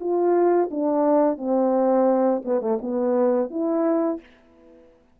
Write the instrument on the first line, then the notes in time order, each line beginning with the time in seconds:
horn
0.00 F4
0.71 D4
1.38 C4
2.45 B3
2.61 A3
2.81 B3
3.50 E4